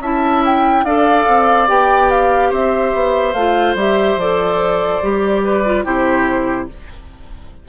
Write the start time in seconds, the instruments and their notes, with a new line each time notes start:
0.00 bassoon C#4, clarinet E4, oboe E5, flute A5
0.45 flute G5
0.84 bassoon D4, clarinet A4, oboe D5, flute F5
1.28 bassoon C4
1.68 bassoon B3, clarinet G4, flute G5
2.11 flute F5
2.50 bassoon C4, oboe C5, flute E5
2.93 bassoon B3
3.33 bassoon A3, clarinet F4, flute F5
3.75 bassoon G3, clarinet G4, flute E5
4.16 bassoon F3, clarinet A4, flute D5
5.02 bassoon G3, clarinet G4
5.44 oboe B4
5.65 clarinet F4
5.85 bassoon C3, clarinet E4, oboe G4, flute C5